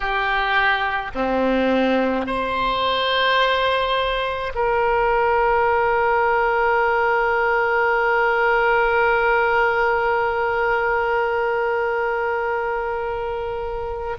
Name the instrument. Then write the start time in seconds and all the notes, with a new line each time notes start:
oboe
0.00 G4
1.14 C4
2.26 C5
4.54 A#4